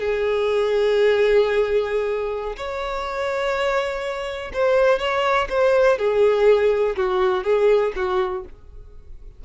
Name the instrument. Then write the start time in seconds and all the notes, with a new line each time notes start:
violin
0.00 G#4
2.57 C#5
4.53 C5
4.99 C#5
5.49 C5
5.98 G#4
6.96 F#4
7.44 G#4
7.96 F#4